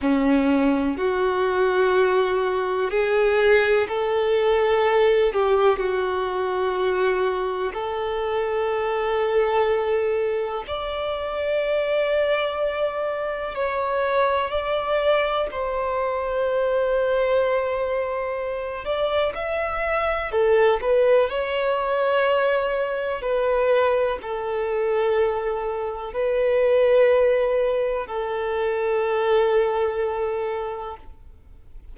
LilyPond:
\new Staff \with { instrumentName = "violin" } { \time 4/4 \tempo 4 = 62 cis'4 fis'2 gis'4 | a'4. g'8 fis'2 | a'2. d''4~ | d''2 cis''4 d''4 |
c''2.~ c''8 d''8 | e''4 a'8 b'8 cis''2 | b'4 a'2 b'4~ | b'4 a'2. | }